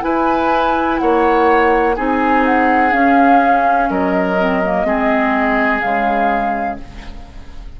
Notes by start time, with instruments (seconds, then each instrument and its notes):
0.00 clarinet E4, bassoon E4, oboe B4, flute G#5
0.98 bassoon A#3, oboe C#5, flute F#5
1.95 bassoon C4, clarinet D#4, oboe G#4, flute G#5
2.45 flute F#5
2.91 clarinet C#4, bassoon C#4, flute F5
3.89 bassoon F#3, oboe A#4, flute D#5
4.38 clarinet C4
4.63 clarinet A#3
4.84 bassoon G#3, clarinet C4, oboe G#4
5.79 bassoon C#3, clarinet G#3, flute F5